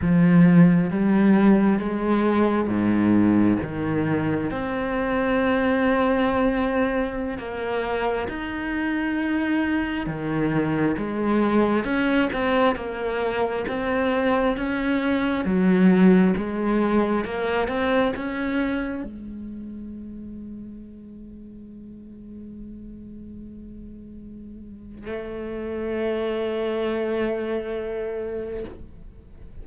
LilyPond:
\new Staff \with { instrumentName = "cello" } { \time 4/4 \tempo 4 = 67 f4 g4 gis4 gis,4 | dis4 c'2.~ | c'16 ais4 dis'2 dis8.~ | dis16 gis4 cis'8 c'8 ais4 c'8.~ |
c'16 cis'4 fis4 gis4 ais8 c'16~ | c'16 cis'4 gis2~ gis8.~ | gis1 | a1 | }